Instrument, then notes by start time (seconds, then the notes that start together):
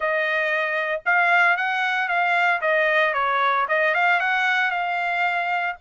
trumpet
0.00 D#5
1.05 F5
1.56 F#5
2.08 F5
2.61 D#5
3.13 C#5
3.68 D#5
3.94 F5
4.20 F#5
4.70 F5